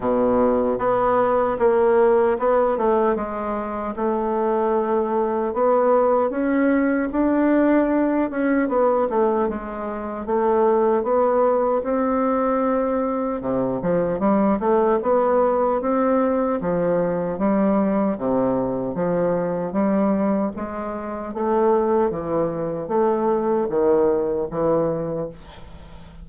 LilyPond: \new Staff \with { instrumentName = "bassoon" } { \time 4/4 \tempo 4 = 76 b,4 b4 ais4 b8 a8 | gis4 a2 b4 | cis'4 d'4. cis'8 b8 a8 | gis4 a4 b4 c'4~ |
c'4 c8 f8 g8 a8 b4 | c'4 f4 g4 c4 | f4 g4 gis4 a4 | e4 a4 dis4 e4 | }